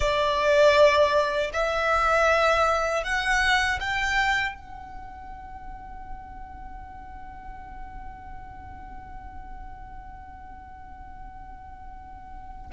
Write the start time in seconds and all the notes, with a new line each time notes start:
0.00 D5
1.53 E5
3.03 F#5
3.79 G5
4.54 F#5